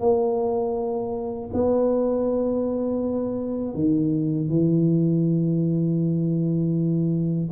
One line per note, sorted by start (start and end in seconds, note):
0.00 1.50 A#3
1.53 3.74 B3
3.74 4.49 D#3
4.49 7.49 E3